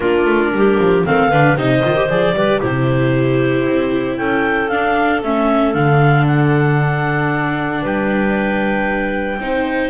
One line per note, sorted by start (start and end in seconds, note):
0.00 0.25 A#3
0.00 1.05 D4
0.00 0.51 F4
0.00 1.04 A#4
0.25 0.51 A3
0.51 0.77 G3
0.51 1.06 G4
0.78 1.04 F3
1.05 1.32 D#3
1.05 1.31 C4
1.05 1.31 A4
1.05 1.57 F5
1.31 1.55 D3
1.31 1.57 D4
1.31 1.57 B4
1.55 1.81 C3
1.55 1.83 D#4
1.55 2.35 C5
1.55 2.08 D#5
1.83 2.09 D#3
1.83 1.96 F4
1.96 2.09 G4
2.08 2.32 F3
2.08 2.35 G#4
2.08 2.61 D5
2.32 2.58 G3
2.32 2.61 G4
2.32 2.59 B4
2.59 3.66 C3
2.59 4.70 E4
2.59 4.16 G4
2.59 4.17 C5
3.66 4.18 C4
4.17 4.70 C#4
4.17 7.81 A4
4.17 4.68 G5
4.68 5.22 D4
4.68 5.23 D4
4.68 5.21 F5
5.23 5.74 A3
5.23 5.74 C#4
5.23 5.73 E5
5.73 7.83 D3
5.73 9.39 D4
5.73 6.25 F5
6.27 7.83 F#5
7.81 9.38 G3
7.81 9.38 B4
7.81 9.90 G5
9.38 9.90 C4
9.38 9.90 D#4
9.38 9.90 C5